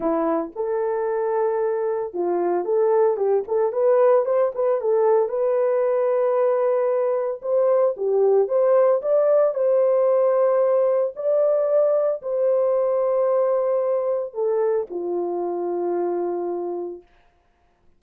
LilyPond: \new Staff \with { instrumentName = "horn" } { \time 4/4 \tempo 4 = 113 e'4 a'2. | f'4 a'4 g'8 a'8 b'4 | c''8 b'8 a'4 b'2~ | b'2 c''4 g'4 |
c''4 d''4 c''2~ | c''4 d''2 c''4~ | c''2. a'4 | f'1 | }